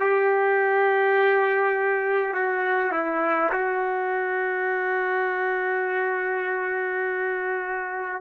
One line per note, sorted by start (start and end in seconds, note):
0.00 2.34 G4
2.34 2.91 F#4
2.91 3.50 E4
3.52 8.21 F#4